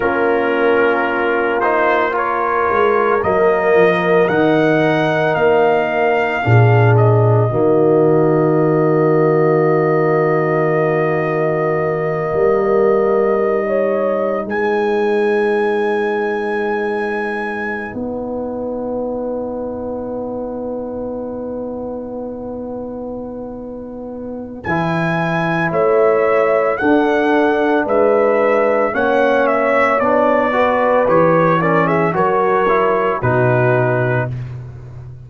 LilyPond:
<<
  \new Staff \with { instrumentName = "trumpet" } { \time 4/4 \tempo 4 = 56 ais'4. c''8 cis''4 dis''4 | fis''4 f''4. dis''4.~ | dis''1~ | dis''4. gis''2~ gis''8~ |
gis''8. fis''2.~ fis''16~ | fis''2. gis''4 | e''4 fis''4 e''4 fis''8 e''8 | d''4 cis''8 d''16 e''16 cis''4 b'4 | }
  \new Staff \with { instrumentName = "horn" } { \time 4/4 f'2 ais'2~ | ais'2 gis'4 fis'4~ | fis'2.~ fis'8 ais'8~ | ais'8. cis''8. b'2~ b'8~ |
b'1~ | b'1 | cis''4 a'4 b'4 cis''4~ | cis''8 b'4 ais'16 gis'16 ais'4 fis'4 | }
  \new Staff \with { instrumentName = "trombone" } { \time 4/4 cis'4. dis'8 f'4 ais4 | dis'2 d'4 ais4~ | ais1~ | ais8 dis'2.~ dis'8~ |
dis'1~ | dis'2. e'4~ | e'4 d'2 cis'4 | d'8 fis'8 g'8 cis'8 fis'8 e'8 dis'4 | }
  \new Staff \with { instrumentName = "tuba" } { \time 4/4 ais2~ ais8 gis8 fis8 f8 | dis4 ais4 ais,4 dis4~ | dis2.~ dis8 g8~ | g4. gis2~ gis8~ |
gis8. b2.~ b16~ | b2. e4 | a4 d'4 gis4 ais4 | b4 e4 fis4 b,4 | }
>>